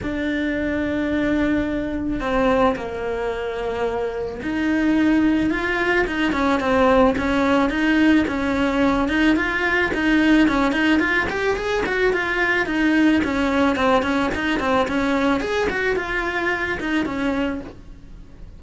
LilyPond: \new Staff \with { instrumentName = "cello" } { \time 4/4 \tempo 4 = 109 d'1 | c'4 ais2. | dis'2 f'4 dis'8 cis'8 | c'4 cis'4 dis'4 cis'4~ |
cis'8 dis'8 f'4 dis'4 cis'8 dis'8 | f'8 g'8 gis'8 fis'8 f'4 dis'4 | cis'4 c'8 cis'8 dis'8 c'8 cis'4 | gis'8 fis'8 f'4. dis'8 cis'4 | }